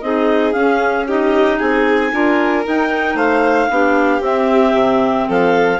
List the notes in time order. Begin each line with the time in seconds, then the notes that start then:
0.00 C4 D#4 G#4 D#5
0.52 C#4 F5
1.07 D#4 G4 D#5
1.58 C4 G#4 G#5
2.12 D4 F4 A#4
2.63 D#4 G5
3.14 A3 C5 F5
3.69 B3 D4 G4
4.20 C4 E5
4.73 C3
5.28 F3 A4 F5